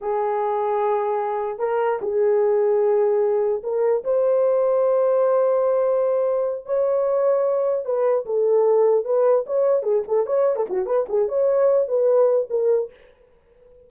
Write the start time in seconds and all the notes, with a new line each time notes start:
0.01 G#4
1.58 A#4
2.01 G#4
3.63 A#4
4.04 C5
6.65 C#5
7.85 B4
8.25 A4
9.04 B4
9.46 C#5
9.83 G#4
10.07 A4
10.26 C#5
10.55 A4
10.69 F#4
10.85 B4
11.08 G#4
11.28 C#5
11.88 B4
12.50 A#4